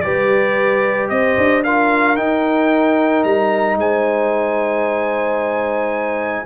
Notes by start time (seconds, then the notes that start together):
0.00 G3 G4 B4 D5
1.09 C4 C5 D#5
1.37 D4
1.64 F4 A#4 F5
2.16 D#4 G5
3.24 G3 A#5
3.77 G#3 C5 G#5